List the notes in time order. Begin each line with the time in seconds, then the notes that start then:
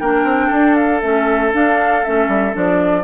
0.00 A#3 D4 A#4 G5
0.24 C4
0.47 D4 A4
0.75 F5
1.01 A3 C#4 E5
1.52 D4 F5
2.05 A3 C#4 E5
2.28 G3
2.53 F3 D4 D5